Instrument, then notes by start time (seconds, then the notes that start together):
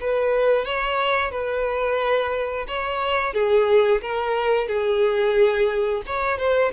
violin
0.00 B4
0.65 C#5
1.31 B4
2.68 C#5
3.33 G#4
4.01 A#4
4.67 G#4
6.06 C#5
6.38 C5